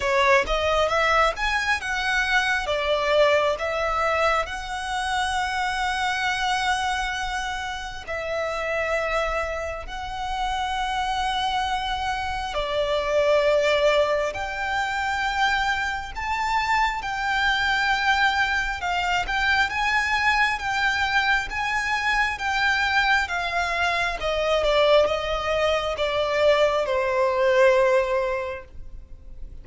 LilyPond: \new Staff \with { instrumentName = "violin" } { \time 4/4 \tempo 4 = 67 cis''8 dis''8 e''8 gis''8 fis''4 d''4 | e''4 fis''2.~ | fis''4 e''2 fis''4~ | fis''2 d''2 |
g''2 a''4 g''4~ | g''4 f''8 g''8 gis''4 g''4 | gis''4 g''4 f''4 dis''8 d''8 | dis''4 d''4 c''2 | }